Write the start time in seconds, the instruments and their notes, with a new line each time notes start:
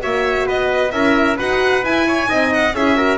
0.00 double bass A#3, horn F#4, trumpet C#5, violin E5
0.46 double bass B3, trumpet B4, violin D#5
0.91 double bass C#4, horn E4, trumpet A#4, violin E5
1.37 double bass D#4, horn F#4, trumpet B4, violin F#5
1.83 double bass E4, horn E4, violin G#5
2.07 trumpet C#5
2.26 double bass C4, horn D#4, trumpet D#5
2.53 violin F#5
2.73 double bass C#4, horn E4, trumpet G#4, violin E5
2.96 horn F#4, trumpet A#4